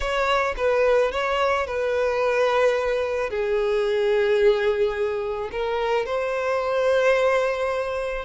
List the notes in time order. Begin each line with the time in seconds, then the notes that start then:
0.00 C#5
0.57 B4
1.11 C#5
1.66 B4
3.30 G#4
5.51 A#4
6.05 C5